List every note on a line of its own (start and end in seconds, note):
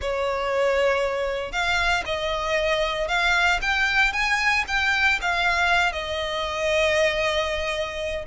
0.01 1.51 C#5
1.51 2.03 F5
2.05 3.08 D#5
3.08 3.59 F5
3.61 4.12 G5
4.12 4.64 G#5
4.67 5.19 G5
5.21 5.92 F5
5.92 8.25 D#5